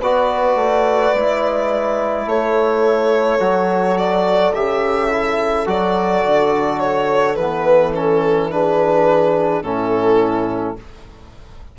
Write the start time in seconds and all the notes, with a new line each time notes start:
0.00 B3 F#4 B4 D5
0.55 A3
1.14 G#3 E4
2.26 A3 A4 C#5
3.40 F#3 F#4
3.98 D5
4.54 C#3 G4 E5
5.11 E4
5.66 F#3 F#4 D5
6.25 D3
6.79 C#5
7.36 E3 B3 B4
7.94 C#4 A4
8.51 D4 G#4 B4
9.62 A2 C#4 E4 A4